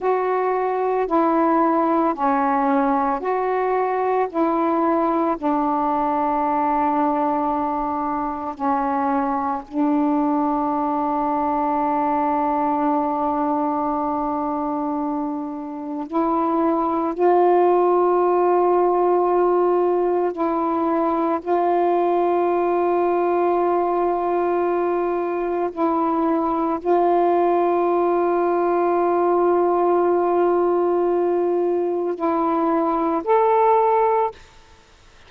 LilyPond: \new Staff \with { instrumentName = "saxophone" } { \time 4/4 \tempo 4 = 56 fis'4 e'4 cis'4 fis'4 | e'4 d'2. | cis'4 d'2.~ | d'2. e'4 |
f'2. e'4 | f'1 | e'4 f'2.~ | f'2 e'4 a'4 | }